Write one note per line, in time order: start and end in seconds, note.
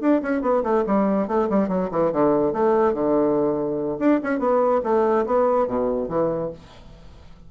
0.00 0.21 D4
0.22 0.41 C#4
0.41 0.62 B3
0.63 0.84 A3
0.86 1.27 G3
1.27 1.48 A3
1.49 1.68 G3
1.68 1.89 F#3
1.91 2.12 E3
2.12 2.52 D3
2.52 2.93 A3
2.93 3.98 D3
3.99 4.20 D4
4.23 4.39 C#4
4.39 4.81 B3
4.83 5.25 A3
5.26 5.67 B3
5.67 6.08 B2
6.08 6.50 E3